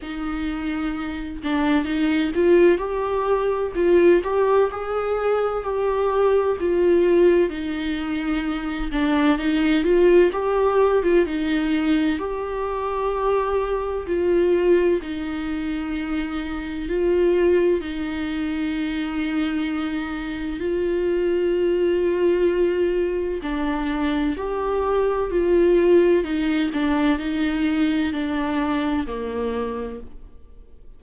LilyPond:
\new Staff \with { instrumentName = "viola" } { \time 4/4 \tempo 4 = 64 dis'4. d'8 dis'8 f'8 g'4 | f'8 g'8 gis'4 g'4 f'4 | dis'4. d'8 dis'8 f'8 g'8. f'16 | dis'4 g'2 f'4 |
dis'2 f'4 dis'4~ | dis'2 f'2~ | f'4 d'4 g'4 f'4 | dis'8 d'8 dis'4 d'4 ais4 | }